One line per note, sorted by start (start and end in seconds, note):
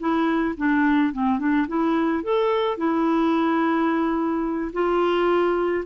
0.00 0.56 E4
0.58 1.13 D4
1.13 1.39 C4
1.39 1.67 D4
1.68 2.24 E4
2.24 2.78 A4
2.78 4.72 E4
4.73 5.85 F4